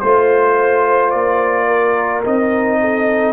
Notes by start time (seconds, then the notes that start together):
0.00 A3 F4 C5
1.10 A#3 D5
1.67 A#4
2.24 C4 D#4 D#5
2.81 A4